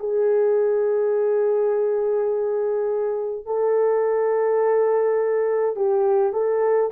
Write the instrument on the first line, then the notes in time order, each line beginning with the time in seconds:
horn
0.00 G#4
3.46 A4
5.76 G4
6.33 A4